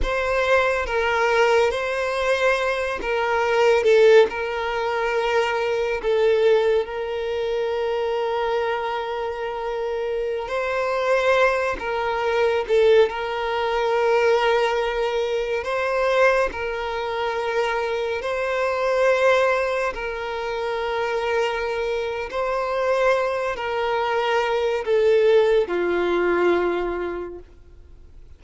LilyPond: \new Staff \with { instrumentName = "violin" } { \time 4/4 \tempo 4 = 70 c''4 ais'4 c''4. ais'8~ | ais'8 a'8 ais'2 a'4 | ais'1~ | ais'16 c''4. ais'4 a'8 ais'8.~ |
ais'2~ ais'16 c''4 ais'8.~ | ais'4~ ais'16 c''2 ais'8.~ | ais'2 c''4. ais'8~ | ais'4 a'4 f'2 | }